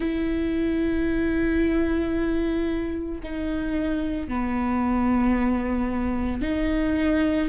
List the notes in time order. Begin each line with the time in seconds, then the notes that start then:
0.00 E4
3.23 D#4
4.28 B3
6.41 D#4